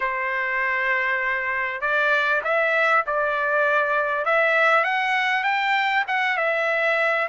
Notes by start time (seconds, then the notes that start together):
0.00 C5
1.81 D5
2.44 E5
3.06 D5
4.25 E5
4.84 F#5
5.43 G5
6.07 F#5
6.37 E5